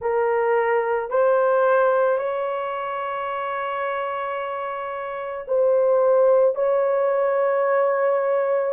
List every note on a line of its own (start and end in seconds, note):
0.00 1.10 A#4
1.10 2.18 C5
2.18 5.45 C#5
5.47 6.55 C5
6.55 8.73 C#5